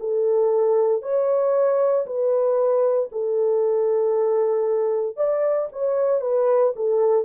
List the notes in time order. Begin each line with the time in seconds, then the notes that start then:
0.00 A4
1.03 C#5
2.06 B4
3.12 A4
5.17 D5
5.72 C#5
6.21 B4
6.76 A4